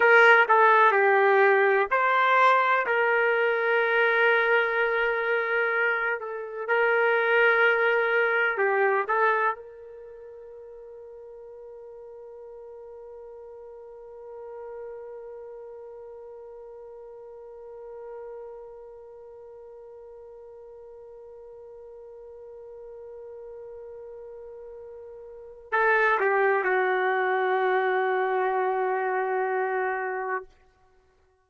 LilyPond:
\new Staff \with { instrumentName = "trumpet" } { \time 4/4 \tempo 4 = 63 ais'8 a'8 g'4 c''4 ais'4~ | ais'2~ ais'8 a'8 ais'4~ | ais'4 g'8 a'8 ais'2~ | ais'1~ |
ais'1~ | ais'1~ | ais'2. a'8 g'8 | fis'1 | }